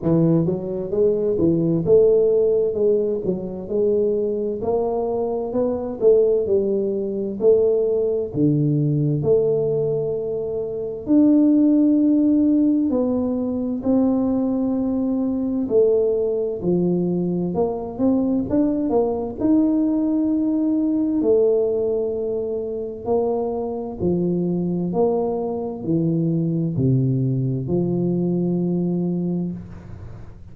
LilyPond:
\new Staff \with { instrumentName = "tuba" } { \time 4/4 \tempo 4 = 65 e8 fis8 gis8 e8 a4 gis8 fis8 | gis4 ais4 b8 a8 g4 | a4 d4 a2 | d'2 b4 c'4~ |
c'4 a4 f4 ais8 c'8 | d'8 ais8 dis'2 a4~ | a4 ais4 f4 ais4 | e4 c4 f2 | }